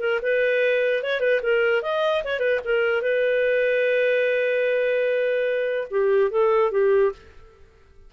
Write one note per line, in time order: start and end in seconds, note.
0.00 0.20 A#4
0.22 1.03 B4
1.03 1.20 C#5
1.20 1.41 B4
1.43 1.82 A#4
1.82 2.23 D#5
2.24 2.40 C#5
2.40 2.60 B4
2.65 3.02 A#4
3.02 5.88 B4
5.91 6.31 G4
6.31 6.72 A4
6.72 7.12 G4